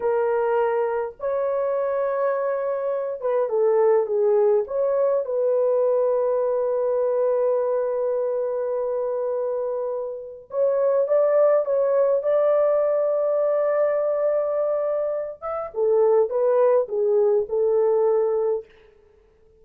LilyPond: \new Staff \with { instrumentName = "horn" } { \time 4/4 \tempo 4 = 103 ais'2 cis''2~ | cis''4. b'8 a'4 gis'4 | cis''4 b'2.~ | b'1~ |
b'2 cis''4 d''4 | cis''4 d''2.~ | d''2~ d''8 e''8 a'4 | b'4 gis'4 a'2 | }